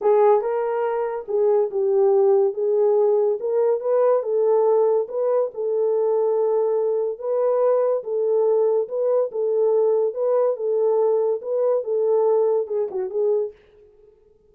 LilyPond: \new Staff \with { instrumentName = "horn" } { \time 4/4 \tempo 4 = 142 gis'4 ais'2 gis'4 | g'2 gis'2 | ais'4 b'4 a'2 | b'4 a'2.~ |
a'4 b'2 a'4~ | a'4 b'4 a'2 | b'4 a'2 b'4 | a'2 gis'8 fis'8 gis'4 | }